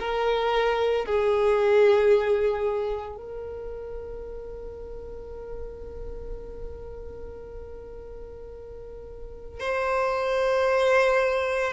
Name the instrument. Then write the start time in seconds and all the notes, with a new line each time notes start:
violin
0.00 A#4
1.05 G#4
3.17 A#4
9.60 C5